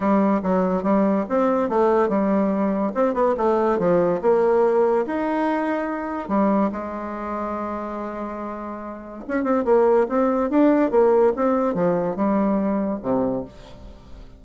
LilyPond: \new Staff \with { instrumentName = "bassoon" } { \time 4/4 \tempo 4 = 143 g4 fis4 g4 c'4 | a4 g2 c'8 b8 | a4 f4 ais2 | dis'2. g4 |
gis1~ | gis2 cis'8 c'8 ais4 | c'4 d'4 ais4 c'4 | f4 g2 c4 | }